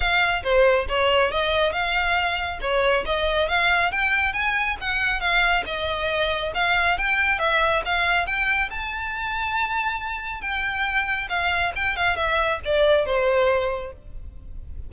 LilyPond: \new Staff \with { instrumentName = "violin" } { \time 4/4 \tempo 4 = 138 f''4 c''4 cis''4 dis''4 | f''2 cis''4 dis''4 | f''4 g''4 gis''4 fis''4 | f''4 dis''2 f''4 |
g''4 e''4 f''4 g''4 | a''1 | g''2 f''4 g''8 f''8 | e''4 d''4 c''2 | }